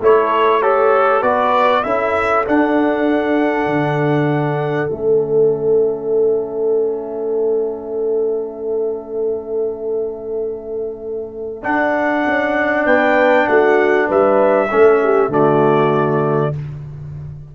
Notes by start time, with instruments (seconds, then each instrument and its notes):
0.00 tuba A3, trombone E4, horn A4, trumpet C#5
0.60 trombone G4, trumpet A4, horn C#5
1.21 tuba B3, trombone F#4, horn B4, trumpet D5
1.83 tuba C#4, trombone E4, horn A4, trumpet E5
2.46 trombone D4, tuba D4, trumpet F#5
3.66 tuba D3
4.89 tuba A3, trombone C#4, trumpet E5
11.62 trombone D4, tuba D4, trumpet F#5
12.26 tuba C#4
12.85 tuba B3, horn B4, trumpet G5
13.47 tuba A3, horn F#4, trumpet F#5
14.07 tuba G3, horn B4, trumpet E5
14.71 tuba A3, trombone C#4, horn A4
15.03 horn G4
15.28 tuba D3, trombone A3, horn F#4, trumpet D5